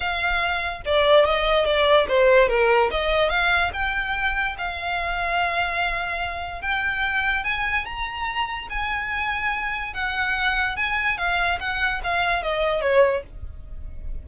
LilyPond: \new Staff \with { instrumentName = "violin" } { \time 4/4 \tempo 4 = 145 f''2 d''4 dis''4 | d''4 c''4 ais'4 dis''4 | f''4 g''2 f''4~ | f''1 |
g''2 gis''4 ais''4~ | ais''4 gis''2. | fis''2 gis''4 f''4 | fis''4 f''4 dis''4 cis''4 | }